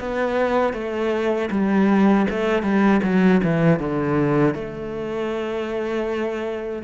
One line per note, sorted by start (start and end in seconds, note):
0.00 0.74 B3
0.74 1.49 A3
1.51 2.27 G3
2.31 2.63 A3
2.63 3.01 G3
3.03 3.41 F#3
3.44 3.80 E3
3.80 4.55 D3
4.55 6.83 A3